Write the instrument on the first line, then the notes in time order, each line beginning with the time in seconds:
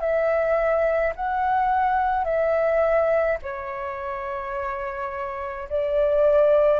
flute
0.00 E5
1.15 F#5
2.24 E5
3.42 C#5
5.69 D5